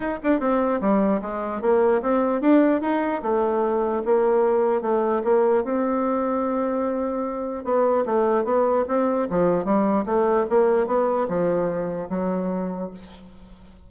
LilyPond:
\new Staff \with { instrumentName = "bassoon" } { \time 4/4 \tempo 4 = 149 dis'8 d'8 c'4 g4 gis4 | ais4 c'4 d'4 dis'4 | a2 ais2 | a4 ais4 c'2~ |
c'2. b4 | a4 b4 c'4 f4 | g4 a4 ais4 b4 | f2 fis2 | }